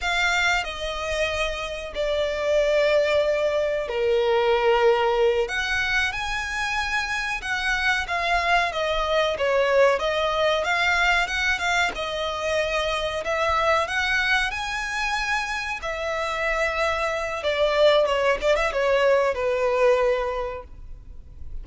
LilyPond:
\new Staff \with { instrumentName = "violin" } { \time 4/4 \tempo 4 = 93 f''4 dis''2 d''4~ | d''2 ais'2~ | ais'8 fis''4 gis''2 fis''8~ | fis''8 f''4 dis''4 cis''4 dis''8~ |
dis''8 f''4 fis''8 f''8 dis''4.~ | dis''8 e''4 fis''4 gis''4.~ | gis''8 e''2~ e''8 d''4 | cis''8 d''16 e''16 cis''4 b'2 | }